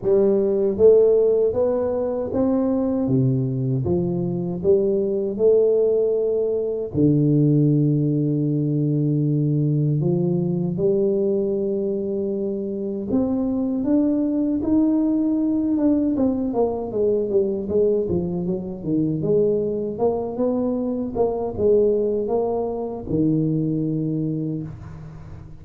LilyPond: \new Staff \with { instrumentName = "tuba" } { \time 4/4 \tempo 4 = 78 g4 a4 b4 c'4 | c4 f4 g4 a4~ | a4 d2.~ | d4 f4 g2~ |
g4 c'4 d'4 dis'4~ | dis'8 d'8 c'8 ais8 gis8 g8 gis8 f8 | fis8 dis8 gis4 ais8 b4 ais8 | gis4 ais4 dis2 | }